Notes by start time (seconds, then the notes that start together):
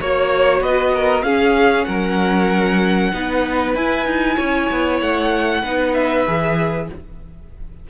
0.00 A#3 F#4 C#5
0.61 B3 B4 D#5
0.94 A#4
1.23 C#4 G#4 F5
1.85 F#3 A#4 F#5
3.13 B3 D#4 B4
3.75 E4 G#5
4.06 D#4
4.36 C#4 C#5
4.71 B3
5.01 A3 F#5
5.62 B3 D#4 B4
5.94 E5
6.27 E3 G#4